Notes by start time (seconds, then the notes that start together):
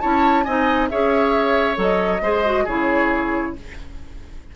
0.00 C#4 E4 C#5 A5
0.44 C4 D#4 D#5 G#5
0.89 C#4 G#4 C#5 E5
1.75 F#3 A4 D#5
2.21 G#3 G#4 C5
2.45 F#4
2.64 C#3 E4 G#4 C#5